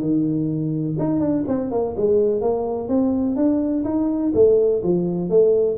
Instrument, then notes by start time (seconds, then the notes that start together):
tuba
0.00 D#3
0.98 D#4
1.20 D4
1.47 C4
1.71 A#3
1.96 G#3
2.41 A#3
2.88 C4
3.36 D4
3.84 D#4
4.34 A3
4.83 F3
5.29 A3